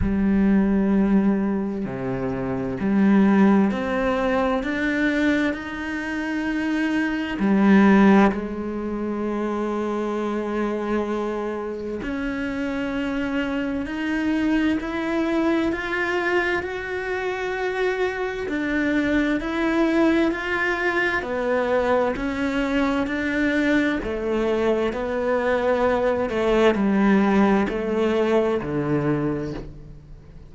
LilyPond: \new Staff \with { instrumentName = "cello" } { \time 4/4 \tempo 4 = 65 g2 c4 g4 | c'4 d'4 dis'2 | g4 gis2.~ | gis4 cis'2 dis'4 |
e'4 f'4 fis'2 | d'4 e'4 f'4 b4 | cis'4 d'4 a4 b4~ | b8 a8 g4 a4 d4 | }